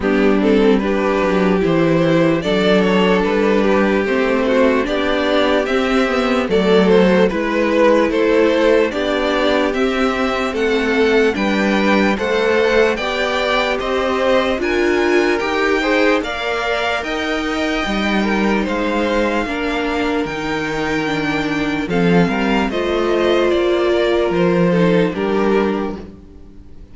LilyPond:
<<
  \new Staff \with { instrumentName = "violin" } { \time 4/4 \tempo 4 = 74 g'8 a'8 b'4 c''4 d''8 cis''8 | b'4 c''4 d''4 e''4 | d''8 c''8 b'4 c''4 d''4 | e''4 fis''4 g''4 fis''4 |
g''4 dis''4 gis''4 g''4 | f''4 g''2 f''4~ | f''4 g''2 f''4 | dis''4 d''4 c''4 ais'4 | }
  \new Staff \with { instrumentName = "violin" } { \time 4/4 d'4 g'2 a'4~ | a'8 g'4 fis'8 g'2 | a'4 b'4 a'4 g'4~ | g'4 a'4 b'4 c''4 |
d''4 c''4 ais'4. c''8 | d''4 dis''4. ais'8 c''4 | ais'2. a'8 ais'8 | c''4. ais'4 a'8 g'4 | }
  \new Staff \with { instrumentName = "viola" } { \time 4/4 b8 c'8 d'4 e'4 d'4~ | d'4 c'4 d'4 c'8 b8 | a4 e'2 d'4 | c'2 d'4 a'4 |
g'2 f'4 g'8 gis'8 | ais'2 dis'2 | d'4 dis'4 d'4 c'4 | f'2~ f'8 dis'8 d'4 | }
  \new Staff \with { instrumentName = "cello" } { \time 4/4 g4. fis8 e4 fis4 | g4 a4 b4 c'4 | fis4 gis4 a4 b4 | c'4 a4 g4 a4 |
b4 c'4 d'4 dis'4 | ais4 dis'4 g4 gis4 | ais4 dis2 f8 g8 | a4 ais4 f4 g4 | }
>>